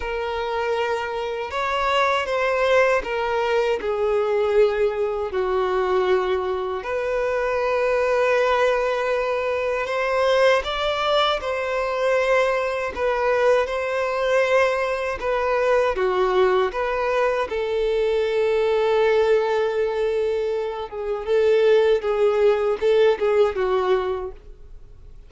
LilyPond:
\new Staff \with { instrumentName = "violin" } { \time 4/4 \tempo 4 = 79 ais'2 cis''4 c''4 | ais'4 gis'2 fis'4~ | fis'4 b'2.~ | b'4 c''4 d''4 c''4~ |
c''4 b'4 c''2 | b'4 fis'4 b'4 a'4~ | a'2.~ a'8 gis'8 | a'4 gis'4 a'8 gis'8 fis'4 | }